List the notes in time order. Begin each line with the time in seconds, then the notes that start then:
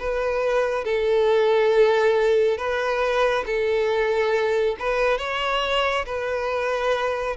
0.00 B4
0.85 A4
2.58 B4
3.46 A4
4.79 B4
5.18 C#5
6.06 B4